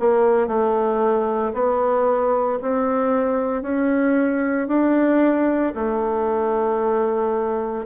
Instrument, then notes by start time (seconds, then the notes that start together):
bassoon
0.00 A#3
0.48 A3
1.54 B3
2.62 C4
3.63 C#4
4.68 D4
5.75 A3